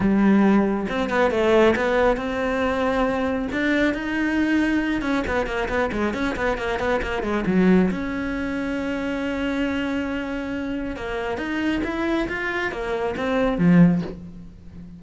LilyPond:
\new Staff \with { instrumentName = "cello" } { \time 4/4 \tempo 4 = 137 g2 c'8 b8 a4 | b4 c'2. | d'4 dis'2~ dis'8 cis'8 | b8 ais8 b8 gis8 cis'8 b8 ais8 b8 |
ais8 gis8 fis4 cis'2~ | cis'1~ | cis'4 ais4 dis'4 e'4 | f'4 ais4 c'4 f4 | }